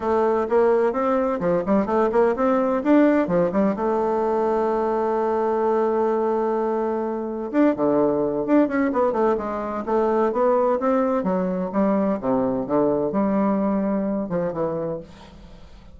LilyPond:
\new Staff \with { instrumentName = "bassoon" } { \time 4/4 \tempo 4 = 128 a4 ais4 c'4 f8 g8 | a8 ais8 c'4 d'4 f8 g8 | a1~ | a1 |
d'8 d4. d'8 cis'8 b8 a8 | gis4 a4 b4 c'4 | fis4 g4 c4 d4 | g2~ g8 f8 e4 | }